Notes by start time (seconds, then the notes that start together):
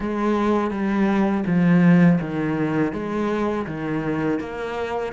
0.00 G#3
0.71 G3
1.46 F3
2.21 D#3
2.93 G#3
3.66 D#3
4.39 A#3